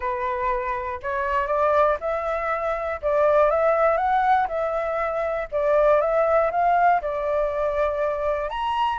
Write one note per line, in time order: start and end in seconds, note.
0.00 1.00 B4
1.02 1.47 C#5
1.47 1.97 D5
2.00 3.00 E5
3.01 3.50 D5
3.50 3.97 E5
3.97 4.47 F#5
4.47 5.47 E5
5.51 6.00 D5
6.00 6.50 E5
6.51 7.01 F5
7.01 8.49 D5
8.49 8.99 A#5